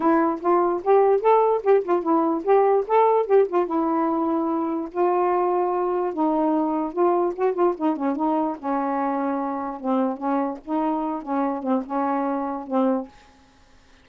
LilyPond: \new Staff \with { instrumentName = "saxophone" } { \time 4/4 \tempo 4 = 147 e'4 f'4 g'4 a'4 | g'8 f'8 e'4 g'4 a'4 | g'8 f'8 e'2. | f'2. dis'4~ |
dis'4 f'4 fis'8 f'8 dis'8 cis'8 | dis'4 cis'2. | c'4 cis'4 dis'4. cis'8~ | cis'8 c'8 cis'2 c'4 | }